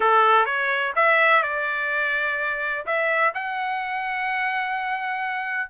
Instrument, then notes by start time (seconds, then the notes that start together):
trumpet
0.00 A4
0.45 C#5
0.95 E5
1.42 D5
2.86 E5
3.34 F#5